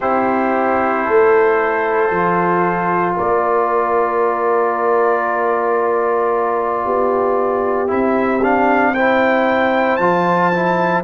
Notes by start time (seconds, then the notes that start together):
0.00 C4 E4 G4 C5
1.04 A3 A4
2.10 F3 F4
3.15 A#3 A#4 D5
6.84 B3 G4
7.87 C4 E4 E5
8.42 D4 F5
8.94 E4 C5 G5
9.96 F3 F4 A5
10.53 E4